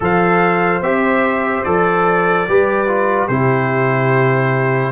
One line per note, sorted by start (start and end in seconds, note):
0.00 0.81 F3
0.00 0.81 A4
0.00 2.48 C5
0.00 0.82 F5
0.81 1.63 C4
0.81 1.65 G4
0.81 1.63 E5
1.63 2.47 F3
1.63 2.47 A4
1.63 3.28 D5
2.48 3.28 G3
2.48 2.87 G4
2.48 3.28 B4
2.87 3.28 F4
3.28 4.92 C3
3.28 4.92 E4
3.28 4.92 G4
3.28 4.92 C5